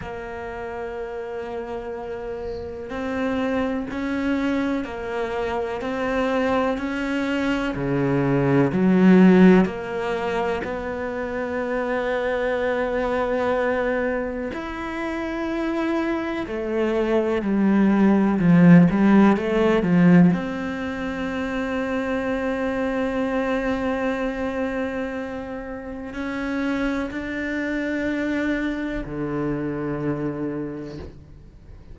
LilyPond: \new Staff \with { instrumentName = "cello" } { \time 4/4 \tempo 4 = 62 ais2. c'4 | cis'4 ais4 c'4 cis'4 | cis4 fis4 ais4 b4~ | b2. e'4~ |
e'4 a4 g4 f8 g8 | a8 f8 c'2.~ | c'2. cis'4 | d'2 d2 | }